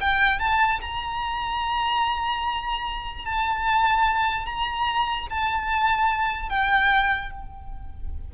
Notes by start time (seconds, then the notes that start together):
0.00 G5
0.39 A5
0.81 A#5
3.25 A5
4.45 A#5
5.29 A5
6.49 G5